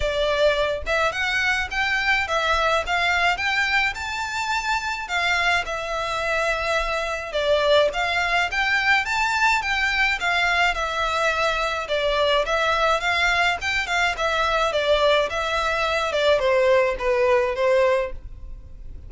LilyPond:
\new Staff \with { instrumentName = "violin" } { \time 4/4 \tempo 4 = 106 d''4. e''8 fis''4 g''4 | e''4 f''4 g''4 a''4~ | a''4 f''4 e''2~ | e''4 d''4 f''4 g''4 |
a''4 g''4 f''4 e''4~ | e''4 d''4 e''4 f''4 | g''8 f''8 e''4 d''4 e''4~ | e''8 d''8 c''4 b'4 c''4 | }